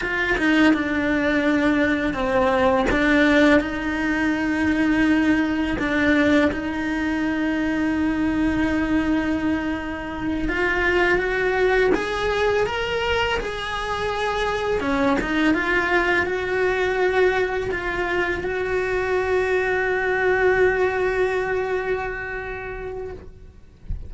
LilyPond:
\new Staff \with { instrumentName = "cello" } { \time 4/4 \tempo 4 = 83 f'8 dis'8 d'2 c'4 | d'4 dis'2. | d'4 dis'2.~ | dis'2~ dis'8 f'4 fis'8~ |
fis'8 gis'4 ais'4 gis'4.~ | gis'8 cis'8 dis'8 f'4 fis'4.~ | fis'8 f'4 fis'2~ fis'8~ | fis'1 | }